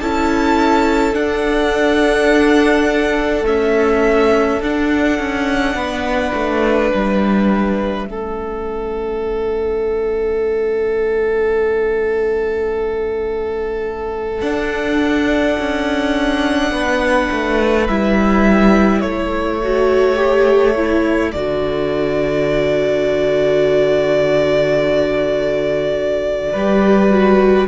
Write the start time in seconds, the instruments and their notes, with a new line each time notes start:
0.00 cello C#4, viola E4, violin A4 A5
1.13 viola D4, cello D4, violin F#5
3.43 viola A3, cello C#4, violin E5
4.62 cello D4, viola D4, violin F#5
5.19 cello C#4
5.75 cello B3, violin B4
6.34 cello A3
6.91 cello G3, violin E5
8.06 cello A3, viola C#4, violin A4
14.41 viola D4, cello D4, violin F#5
15.59 cello C#4
16.71 cello B3, violin B4
17.31 cello A3
17.88 cello G3, viola E4, violin E5
19.00 cello A3, violin A4 C#5
19.63 viola F#4
20.16 viola G4
20.75 viola E4
21.32 cello D3, viola F#4, violin D5
26.53 cello G3, viola G4, violin B4
27.11 viola F#4